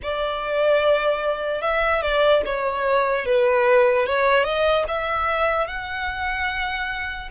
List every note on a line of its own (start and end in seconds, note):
0.02 1.61 D5
1.61 2.02 E5
2.02 2.42 D5
2.45 3.25 C#5
3.25 4.06 B4
4.06 4.43 C#5
4.43 4.84 D#5
4.88 5.67 E5
5.67 7.29 F#5